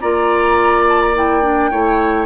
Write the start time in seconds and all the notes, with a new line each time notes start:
0.00 A#3 F4 D5 A#5
0.88 A5
1.01 A#5
1.14 E4 G5
1.42 D4
1.70 A3 E4 C#5